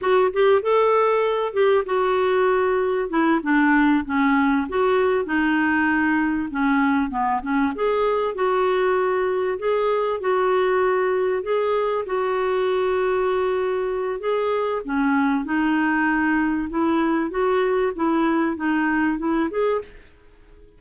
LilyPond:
\new Staff \with { instrumentName = "clarinet" } { \time 4/4 \tempo 4 = 97 fis'8 g'8 a'4. g'8 fis'4~ | fis'4 e'8 d'4 cis'4 fis'8~ | fis'8 dis'2 cis'4 b8 | cis'8 gis'4 fis'2 gis'8~ |
gis'8 fis'2 gis'4 fis'8~ | fis'2. gis'4 | cis'4 dis'2 e'4 | fis'4 e'4 dis'4 e'8 gis'8 | }